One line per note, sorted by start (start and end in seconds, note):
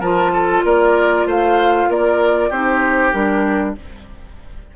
0.00 0.63 F3
0.00 2.52 F4
0.00 0.31 A#4
0.00 0.63 A5
0.33 0.64 A4
0.64 1.26 A#3
0.64 1.27 A#4
0.64 1.28 D5
1.26 1.88 A3
1.26 1.89 C5
1.26 1.91 F5
1.88 2.50 A#3
1.88 2.49 A#4
1.88 2.52 D5
2.49 3.13 C4
2.49 3.13 D#4
2.49 3.74 G4
2.49 3.12 C5
3.12 3.76 G3
3.12 3.75 D4
3.12 3.75 A#4